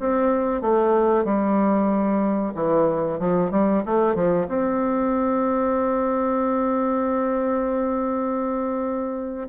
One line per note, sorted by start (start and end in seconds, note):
0.00 0.62 C4
0.62 1.25 A3
1.25 2.54 G3
2.55 3.20 E3
3.20 3.51 F3
3.51 3.84 G3
3.86 4.15 A3
4.15 4.48 F3
4.49 9.49 C4